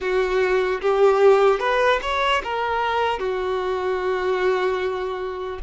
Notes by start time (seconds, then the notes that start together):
0.00 F#4
0.81 G4
1.59 B4
2.02 C#5
2.43 A#4
3.19 F#4